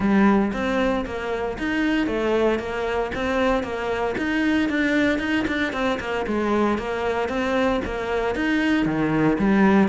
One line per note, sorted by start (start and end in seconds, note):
0.00 0.51 G3
0.53 1.05 C4
1.05 1.57 A#3
1.58 2.07 D#4
2.07 2.59 A3
2.59 3.11 A#3
3.14 3.63 C4
3.63 4.15 A#3
4.17 4.69 D#4
4.69 5.19 D4
5.19 5.45 D#4
5.47 5.72 D4
5.72 5.99 C4
6.00 6.26 A#3
6.27 6.78 G#3
6.78 7.28 A#3
7.28 7.80 C4
7.85 8.35 A#3
8.35 8.85 D#4
8.85 9.37 D#3
9.38 9.88 G3